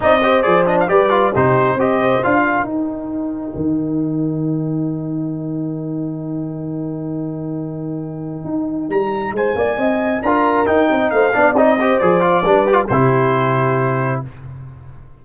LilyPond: <<
  \new Staff \with { instrumentName = "trumpet" } { \time 4/4 \tempo 4 = 135 dis''4 d''8 dis''16 f''16 d''4 c''4 | dis''4 f''4 g''2~ | g''1~ | g''1~ |
g''1 | ais''4 gis''2 ais''4 | g''4 f''4 dis''4 d''4~ | d''4 c''2. | }
  \new Staff \with { instrumentName = "horn" } { \time 4/4 d''8 c''4. b'4 g'4 | c''4. ais'2~ ais'8~ | ais'1~ | ais'1~ |
ais'1~ | ais'4 c''8 d''8 dis''4 ais'4~ | ais'8 dis''8 c''8 d''4 c''4. | b'4 g'2. | }
  \new Staff \with { instrumentName = "trombone" } { \time 4/4 dis'8 g'8 gis'8 d'8 g'8 f'8 dis'4 | g'4 f'4 dis'2~ | dis'1~ | dis'1~ |
dis'1~ | dis'2. f'4 | dis'4. d'8 dis'8 g'8 gis'8 f'8 | d'8 g'16 f'16 e'2. | }
  \new Staff \with { instrumentName = "tuba" } { \time 4/4 c'4 f4 g4 c4 | c'4 d'4 dis'2 | dis1~ | dis1~ |
dis2. dis'4 | g4 gis8 ais8 c'4 d'4 | dis'8 c'8 a8 b8 c'4 f4 | g4 c2. | }
>>